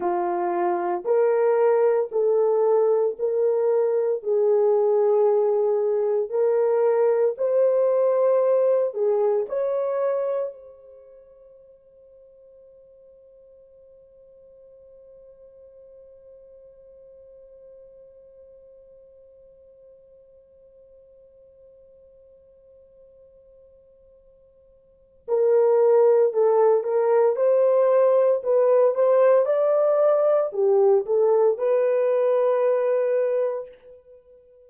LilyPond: \new Staff \with { instrumentName = "horn" } { \time 4/4 \tempo 4 = 57 f'4 ais'4 a'4 ais'4 | gis'2 ais'4 c''4~ | c''8 gis'8 cis''4 c''2~ | c''1~ |
c''1~ | c''1 | ais'4 a'8 ais'8 c''4 b'8 c''8 | d''4 g'8 a'8 b'2 | }